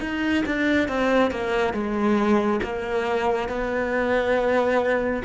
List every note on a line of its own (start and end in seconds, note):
0.00 0.43 D#4
0.45 0.88 D4
0.88 1.31 C4
1.31 1.73 A#3
1.73 2.60 G#3
2.62 3.48 A#3
3.48 5.22 B3